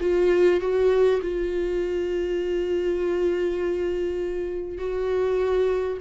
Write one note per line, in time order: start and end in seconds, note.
0.00 0.60 F4
0.60 1.20 F#4
1.22 4.78 F4
4.78 5.98 F#4